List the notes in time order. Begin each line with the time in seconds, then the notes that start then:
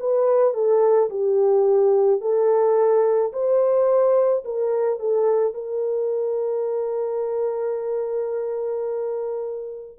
0.00 B4
0.55 A4
1.11 G4
2.22 A4
3.33 C5
4.45 A#4
5.00 A4
5.55 A#4